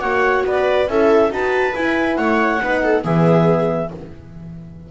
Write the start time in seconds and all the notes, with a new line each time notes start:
0.00 A#3 F#4 C#5 F#5
0.44 B3 B4 D5
0.88 C#4 E4 A4 E5
1.30 D#4 F#4 B4 A5
1.75 E4 G#5
2.17 A3 C#5 F#5
2.62 B3 D#4 B4
2.83 A4
3.04 E3 B3 G#4 E5